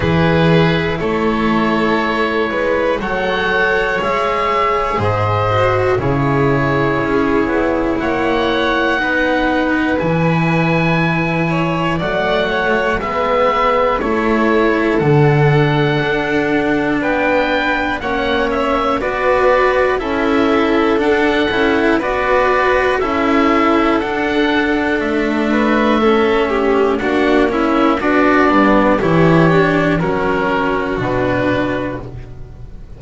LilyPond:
<<
  \new Staff \with { instrumentName = "oboe" } { \time 4/4 \tempo 4 = 60 b'4 cis''2 fis''4 | e''4 dis''4 cis''2 | fis''2 gis''2 | fis''4 e''4 cis''4 fis''4~ |
fis''4 g''4 fis''8 e''8 d''4 | e''4 fis''4 d''4 e''4 | fis''4 e''2 fis''8 e''8 | d''4 cis''4 ais'4 b'4 | }
  \new Staff \with { instrumentName = "violin" } { \time 4/4 gis'4 a'4. b'8 cis''4~ | cis''4 c''4 gis'2 | cis''4 b'2~ b'8 cis''8 | d''8 cis''8 b'4 a'2~ |
a'4 b'4 cis''4 b'4 | a'2 b'4 a'4~ | a'4. b'8 a'8 g'8 fis'8 e'8 | d'4 g'4 fis'2 | }
  \new Staff \with { instrumentName = "cello" } { \time 4/4 e'2. a'4 | gis'4. fis'8 e'2~ | e'4 dis'4 e'2 | a4 b4 e'4 d'4~ |
d'2 cis'4 fis'4 | e'4 d'8 e'8 fis'4 e'4 | d'2 cis'4 d'8 cis'8 | fis'8 b8 e'8 d'8 cis'4 d'4 | }
  \new Staff \with { instrumentName = "double bass" } { \time 4/4 e4 a4. gis8 fis4 | gis4 gis,4 cis4 cis'8 b8 | ais4 b4 e2 | fis4 gis4 a4 d4 |
d'4 b4 ais4 b4 | cis'4 d'8 cis'8 b4 cis'4 | d'4 a2 ais4 | b8 g8 e4 fis4 b,4 | }
>>